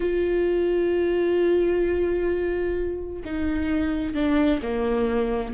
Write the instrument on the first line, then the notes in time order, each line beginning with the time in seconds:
viola
0.00 F4
3.24 D#4
4.14 D4
4.62 A#3